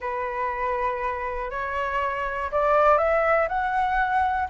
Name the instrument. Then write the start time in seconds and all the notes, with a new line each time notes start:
flute
0.00 B4
1.50 C#5
2.51 D5
2.97 E5
3.48 F#5